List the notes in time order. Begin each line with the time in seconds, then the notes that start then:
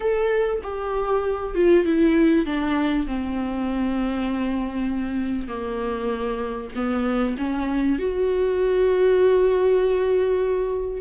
0.00 A4
0.63 G4
1.54 F4
1.85 E4
2.45 D4
3.06 C4
5.47 A#3
6.75 B3
7.37 C#4
7.98 F#4